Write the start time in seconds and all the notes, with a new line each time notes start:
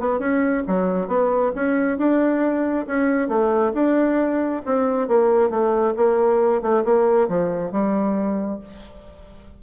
0.00 B3
0.19 C#4
0.67 F#3
1.08 B3
1.55 C#4
1.98 D4
2.87 C#4
3.28 A3
3.74 D4
4.66 C4
5.08 A#3
5.50 A3
5.97 A#3
6.62 A3
6.85 A#3
7.28 F3
7.72 G3